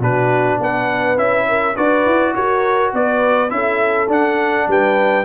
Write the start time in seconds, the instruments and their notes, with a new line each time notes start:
0.00 tuba B2, trombone D4, horn F#4, trumpet B4
0.60 tuba B3, horn B4, trumpet F#5
1.17 tuba C#4, trombone E4, trumpet E5
1.49 horn A#4
1.75 tuba D4, trombone F#4, horn B4, trumpet D5
2.07 tuba E4
2.35 tuba F#4, horn A#4, trumpet C#5
2.94 tuba B3, horn B4, trumpet D5
3.50 tuba C#4, trombone E4, horn A4, trumpet E5
4.09 tuba D4, trombone D4, trumpet F#5
4.68 tuba G3, horn B4, trumpet G5